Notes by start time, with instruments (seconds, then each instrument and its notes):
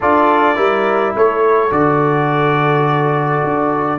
0.00 tuba D4, trombone F4, horn A4, trumpet D5
0.55 tuba G3, trombone E4, horn A#4
1.15 tuba A3, horn A4, trumpet C#5
1.71 tuba D3, trombone F#4, trumpet D5
3.44 tuba D4